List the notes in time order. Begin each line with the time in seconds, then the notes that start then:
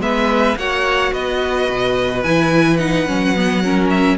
0.00 G#3 B3 B4 E5
0.57 A#3 F#4 C#5 F#5
1.13 B3 B4 D#5
1.70 B2
2.23 E3 E4 G#5
2.77 D#4 F#5
3.07 F#3 C#4
3.36 B3
3.64 C#4 A#4
3.90 E5